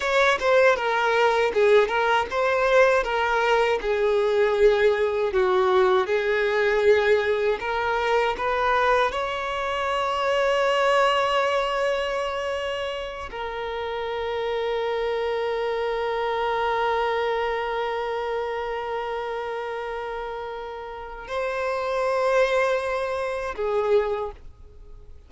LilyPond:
\new Staff \with { instrumentName = "violin" } { \time 4/4 \tempo 4 = 79 cis''8 c''8 ais'4 gis'8 ais'8 c''4 | ais'4 gis'2 fis'4 | gis'2 ais'4 b'4 | cis''1~ |
cis''4. ais'2~ ais'8~ | ais'1~ | ais'1 | c''2. gis'4 | }